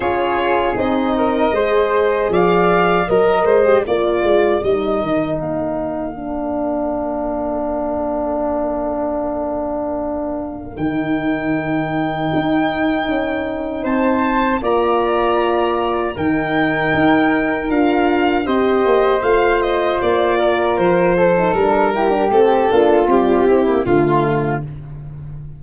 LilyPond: <<
  \new Staff \with { instrumentName = "violin" } { \time 4/4 \tempo 4 = 78 cis''4 dis''2 f''4 | ais'8 c''8 d''4 dis''4 f''4~ | f''1~ | f''2 g''2~ |
g''2 a''4 ais''4~ | ais''4 g''2 f''4 | dis''4 f''8 dis''8 d''4 c''4 | ais'4 a'4 g'4 f'4 | }
  \new Staff \with { instrumentName = "flute" } { \time 4/4 gis'4. ais'8 c''4 d''4 | dis''4 ais'2.~ | ais'1~ | ais'1~ |
ais'2 c''4 d''4~ | d''4 ais'2. | c''2~ c''8 ais'4 a'8~ | a'8 g'4 f'4 e'8 f'4 | }
  \new Staff \with { instrumentName = "horn" } { \time 4/4 f'4 dis'4 gis'2 | ais'8. g'16 f'4 dis'2 | d'1~ | d'2 dis'2~ |
dis'2. f'4~ | f'4 dis'2 f'4 | g'4 f'2~ f'8. dis'16 | d'8 e'16 d'16 c'8 d'8 g8 c'16 ais16 a4 | }
  \new Staff \with { instrumentName = "tuba" } { \time 4/4 cis'4 c'4 gis4 f4 | fis8 gis8 ais8 gis8 g8 dis8 ais4~ | ais1~ | ais2 dis2 |
dis'4 cis'4 c'4 ais4~ | ais4 dis4 dis'4 d'4 | c'8 ais8 a4 ais4 f4 | g4 a8 ais8 c'4 d4 | }
>>